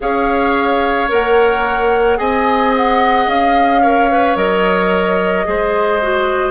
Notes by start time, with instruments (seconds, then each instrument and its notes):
0.00 bassoon C#4, clarinet G#4, oboe C#5, flute F5
1.08 bassoon A#3, clarinet A#4, flute F#5
2.17 bassoon C4, clarinet G#4, oboe D#5, flute G#5
2.76 flute F#5
3.26 bassoon C#4, flute F5
3.81 clarinet A#4, oboe C#5
4.10 clarinet B4
4.36 bassoon F#3, clarinet A#4, flute D#5
5.44 bassoon G#3, clarinet G#4, oboe C5
6.02 clarinet F#4